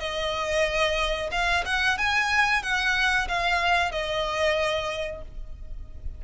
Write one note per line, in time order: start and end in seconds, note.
0.00 1.30 D#5
1.32 1.64 F5
1.65 1.98 F#5
1.98 2.63 G#5
2.63 3.28 F#5
3.28 3.91 F5
3.91 5.22 D#5